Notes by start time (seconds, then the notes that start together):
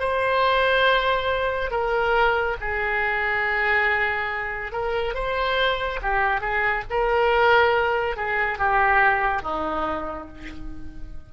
0.00 C5
1.71 A#4
2.61 G#4
4.73 A#4
5.15 C5
6.03 G4
6.41 G#4
6.91 A#4
8.17 G#4
8.59 G4
9.43 D#4